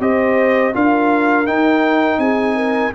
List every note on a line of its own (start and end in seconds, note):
0.00 0.73 C4
0.00 0.73 G4
0.00 0.74 C5
0.00 0.75 D#5
0.73 1.48 D4
0.73 1.46 F4
0.73 2.20 A#4
0.73 1.47 F5
1.46 2.92 D#4
1.46 2.18 D#4
1.46 2.20 G5
2.18 2.91 C4
2.18 2.55 G#4
2.18 2.93 G#5
2.55 2.92 A#4